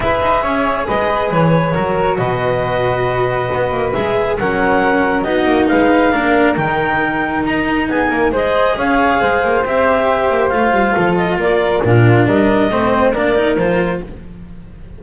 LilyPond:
<<
  \new Staff \with { instrumentName = "clarinet" } { \time 4/4 \tempo 4 = 137 e''2 dis''4 cis''4~ | cis''4 dis''2.~ | dis''4 e''4 fis''2 | dis''4 f''2 g''4~ |
g''4 ais''4 gis''4 dis''4 | f''2 e''2 | f''4. dis''8 d''4 ais'4 | dis''2 d''4 c''4 | }
  \new Staff \with { instrumentName = "flute" } { \time 4/4 b'4 cis''4 b'2 | ais'4 b'2.~ | b'2 ais'2 | fis'4 b'4 ais'2~ |
ais'2 gis'8 ais'8 c''4 | cis''4 c''2.~ | c''4 a'4 ais'4 f'4 | ais'4 c''4 ais'2 | }
  \new Staff \with { instrumentName = "cello" } { \time 4/4 gis'1 | fis'1~ | fis'4 gis'4 cis'2 | dis'2 d'4 dis'4~ |
dis'2. gis'4~ | gis'2 g'2 | f'2. d'4~ | d'4 c'4 d'8 dis'8 f'4 | }
  \new Staff \with { instrumentName = "double bass" } { \time 4/4 e'8 dis'8 cis'4 gis4 e4 | fis4 b,2. | b8 ais8 gis4 fis2 | b8 ais8 gis4 ais4 dis4~ |
dis4 dis'4 b8 ais8 gis4 | cis'4 gis8 ais8 c'4. ais8 | a8 g8 f4 ais4 ais,4 | g4 a4 ais4 f4 | }
>>